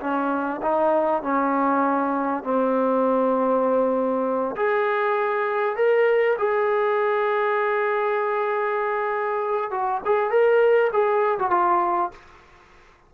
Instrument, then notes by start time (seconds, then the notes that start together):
trombone
0.00 C#4
0.62 D#4
1.22 C#4
2.43 C4
4.56 G#4
5.76 A#4
6.38 G#4
9.71 F#4
10.05 G#4
10.30 A#4
10.93 G#4
11.38 F#4
11.50 F4